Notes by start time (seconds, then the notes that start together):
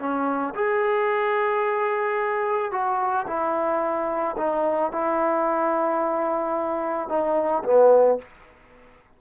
0.00 C#4
0.55 G#4
2.72 F#4
3.27 E4
4.38 D#4
4.92 E4
7.09 D#4
7.64 B3